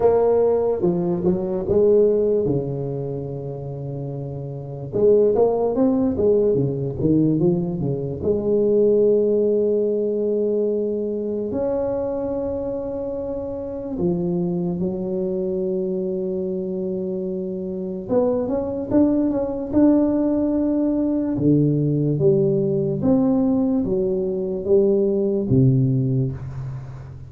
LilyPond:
\new Staff \with { instrumentName = "tuba" } { \time 4/4 \tempo 4 = 73 ais4 f8 fis8 gis4 cis4~ | cis2 gis8 ais8 c'8 gis8 | cis8 dis8 f8 cis8 gis2~ | gis2 cis'2~ |
cis'4 f4 fis2~ | fis2 b8 cis'8 d'8 cis'8 | d'2 d4 g4 | c'4 fis4 g4 c4 | }